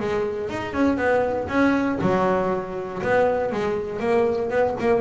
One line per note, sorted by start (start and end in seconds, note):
0.00 0.49 G#3
0.49 0.73 D#4
0.73 0.98 C#4
0.98 1.48 B3
1.49 1.99 C#4
2.01 3.02 F#3
3.03 3.52 B3
3.52 4.00 G#3
4.00 4.50 A#3
4.51 4.76 B3
4.80 5.01 A#3